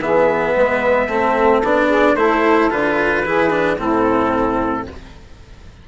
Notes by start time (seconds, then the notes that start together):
0.00 E3 B3 G#4 E5
0.55 G#3 B4
1.07 A3 C4 A4
1.63 B3 D4 D5
1.88 G#4
2.15 A3 E4 A4 C5
2.71 D3 F4 B4
3.25 E3 E4 G#4
3.51 D4
3.78 A2 C4 E4 A4